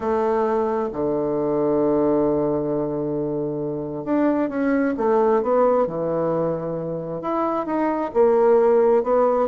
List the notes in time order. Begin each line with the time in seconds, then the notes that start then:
0.00 A3
0.92 D3
4.04 D4
4.49 C#4
4.97 A3
5.42 B3
5.86 E3
7.21 E4
7.65 D#4
8.13 A#3
9.03 B3